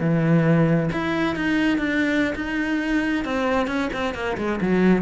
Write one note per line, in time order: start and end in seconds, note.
0.00 0.90 E3
0.92 1.35 E4
1.35 1.78 D#4
1.78 2.34 D4
2.35 3.24 D#4
3.25 3.67 C4
3.67 3.90 C#4
3.93 4.14 C4
4.14 4.37 A#3
4.37 4.60 G#3
4.61 5.02 F#3